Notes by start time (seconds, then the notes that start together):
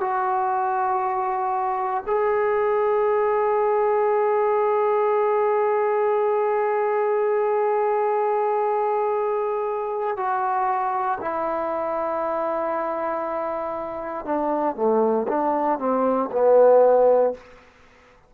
0.00 F#4
2.06 G#4
10.16 F#4
11.20 E4
14.25 D4
14.75 A3
15.28 D4
15.79 C4
16.32 B3